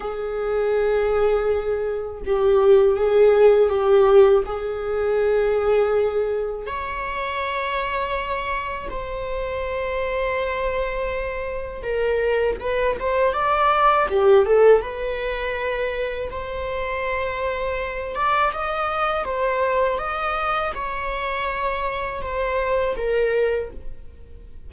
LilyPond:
\new Staff \with { instrumentName = "viola" } { \time 4/4 \tempo 4 = 81 gis'2. g'4 | gis'4 g'4 gis'2~ | gis'4 cis''2. | c''1 |
ais'4 b'8 c''8 d''4 g'8 a'8 | b'2 c''2~ | c''8 d''8 dis''4 c''4 dis''4 | cis''2 c''4 ais'4 | }